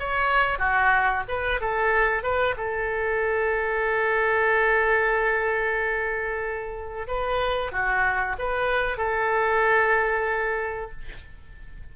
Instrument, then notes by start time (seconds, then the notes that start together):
oboe
0.00 C#5
0.59 F#4
1.28 B4
1.61 A4
2.23 B4
2.57 A4
7.08 B4
7.72 F#4
8.39 B4
8.98 A4